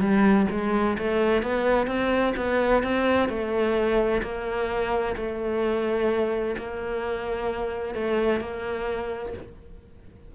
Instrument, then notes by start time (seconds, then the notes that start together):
cello
0.00 G3
0.51 G#3
0.98 A3
1.43 B3
1.87 C4
2.36 B3
2.83 C4
3.29 A3
4.22 A#3
5.16 A3
6.58 A#3
7.95 A3
8.40 A#3